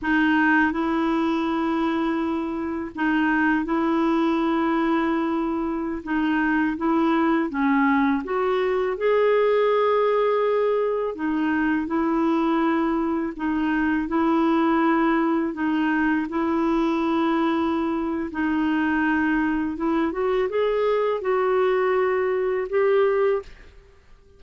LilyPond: \new Staff \with { instrumentName = "clarinet" } { \time 4/4 \tempo 4 = 82 dis'4 e'2. | dis'4 e'2.~ | e'16 dis'4 e'4 cis'4 fis'8.~ | fis'16 gis'2. dis'8.~ |
dis'16 e'2 dis'4 e'8.~ | e'4~ e'16 dis'4 e'4.~ e'16~ | e'4 dis'2 e'8 fis'8 | gis'4 fis'2 g'4 | }